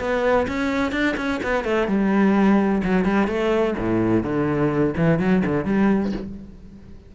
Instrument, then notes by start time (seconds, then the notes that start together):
cello
0.00 B3
0.48 C#4
0.92 D4
1.17 C#4
1.43 B3
1.64 A3
1.88 G3
2.84 F#3
3.05 G3
3.27 A3
3.79 A2
4.23 D3
4.97 E3
5.19 F#3
5.46 D3
5.65 G3